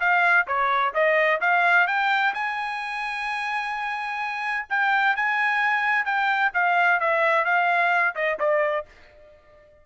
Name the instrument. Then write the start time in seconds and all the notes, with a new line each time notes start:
trumpet
0.00 F5
0.48 C#5
0.94 D#5
1.41 F5
1.87 G5
2.34 G#5
4.70 G5
5.16 G#5
6.05 G5
6.54 F5
7.00 E5
7.45 F5
8.15 D#5
8.40 D5